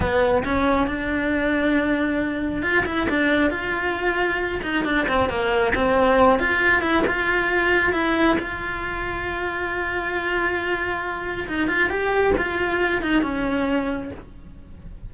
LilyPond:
\new Staff \with { instrumentName = "cello" } { \time 4/4 \tempo 4 = 136 b4 cis'4 d'2~ | d'2 f'8 e'8 d'4 | f'2~ f'8 dis'8 d'8 c'8 | ais4 c'4. f'4 e'8 |
f'2 e'4 f'4~ | f'1~ | f'2 dis'8 f'8 g'4 | f'4. dis'8 cis'2 | }